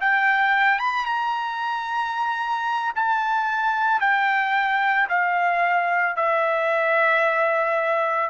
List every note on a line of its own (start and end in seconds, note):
0.00 0.79 G5
0.79 1.05 B5
1.05 2.93 A#5
2.95 4.00 A5
4.00 5.07 G5
5.09 6.16 F5
6.16 8.29 E5